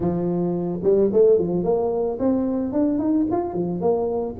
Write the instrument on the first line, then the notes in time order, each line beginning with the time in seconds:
tuba
0.00 F3
0.83 G3
1.12 A3
1.39 F3
1.63 A#3
2.19 C4
2.72 D4
2.99 D#4
3.31 F4
3.53 F3
3.81 A#3